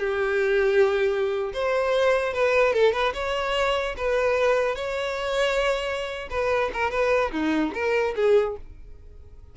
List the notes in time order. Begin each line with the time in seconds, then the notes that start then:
0.00 G4
1.54 C5
2.34 B4
2.74 A4
2.93 B4
3.14 C#5
3.98 B4
4.76 C#5
6.31 B4
6.74 A#4
6.91 B4
7.32 D#4
7.74 A#4
8.16 G#4